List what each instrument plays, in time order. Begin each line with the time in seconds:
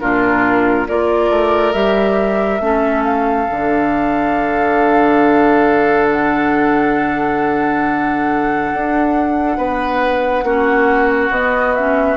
0.00 bassoon A#2, clarinet D4, oboe F4, flute A#4
0.88 bassoon A#3, clarinet F4, oboe A#4, flute D5
1.30 bassoon A3
1.72 bassoon G3, clarinet G4, flute E5
2.60 bassoon A3, clarinet C#4, oboe A4
3.04 flute F5
3.51 bassoon D3, clarinet D4
6.11 flute F#5
8.72 bassoon D4
9.57 bassoon B3, oboe B4
10.43 bassoon A#3, clarinet C#4, oboe F#4
11.30 bassoon B3, clarinet B3, flute D#5
11.75 clarinet C#4, flute E5